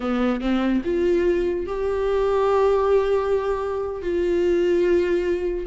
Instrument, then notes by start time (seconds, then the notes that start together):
viola
0.00 B3
0.40 C4
0.84 F4
1.66 G4
4.02 F4